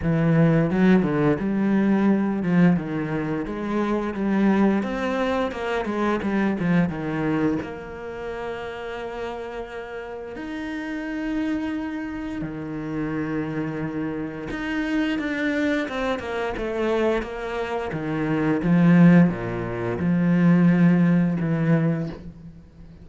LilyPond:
\new Staff \with { instrumentName = "cello" } { \time 4/4 \tempo 4 = 87 e4 fis8 d8 g4. f8 | dis4 gis4 g4 c'4 | ais8 gis8 g8 f8 dis4 ais4~ | ais2. dis'4~ |
dis'2 dis2~ | dis4 dis'4 d'4 c'8 ais8 | a4 ais4 dis4 f4 | ais,4 f2 e4 | }